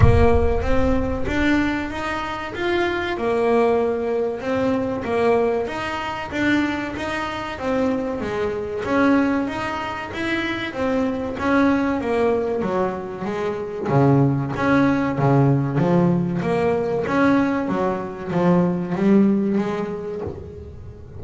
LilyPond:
\new Staff \with { instrumentName = "double bass" } { \time 4/4 \tempo 4 = 95 ais4 c'4 d'4 dis'4 | f'4 ais2 c'4 | ais4 dis'4 d'4 dis'4 | c'4 gis4 cis'4 dis'4 |
e'4 c'4 cis'4 ais4 | fis4 gis4 cis4 cis'4 | cis4 f4 ais4 cis'4 | fis4 f4 g4 gis4 | }